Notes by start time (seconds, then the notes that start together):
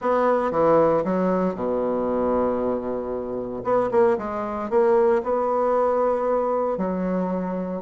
0.01 B3
0.51 E3
1.04 F#3
1.54 B2
3.64 B3
3.91 A#3
4.17 G#3
4.70 A#3
5.23 B3
6.77 F#3